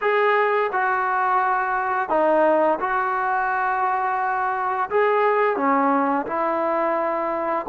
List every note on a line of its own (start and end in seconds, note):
0.01 0.70 G#4
0.72 2.09 F#4
2.09 2.78 D#4
2.80 4.89 F#4
4.90 5.56 G#4
5.56 6.26 C#4
6.26 7.66 E4